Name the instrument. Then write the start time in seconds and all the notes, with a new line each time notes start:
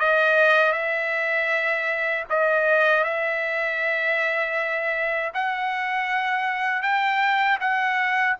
trumpet
0.00 D#5
0.73 E5
2.30 D#5
3.04 E5
5.34 F#5
6.83 G5
7.61 F#5